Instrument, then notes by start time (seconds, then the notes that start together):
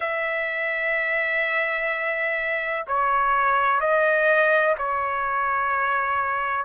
trumpet
0.00 E5
2.87 C#5
3.80 D#5
4.78 C#5